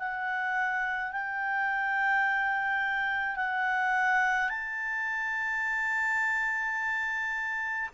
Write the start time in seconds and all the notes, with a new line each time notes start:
0.00 F#5
1.12 G5
3.37 F#5
4.50 A5